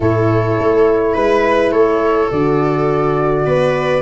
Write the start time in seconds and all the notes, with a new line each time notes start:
0.00 A2 E4 A4 C#5
0.59 A3
1.13 G#3 B4
1.71 A3 A4 C#5
2.31 D3 F#4 D5
3.45 B3 B4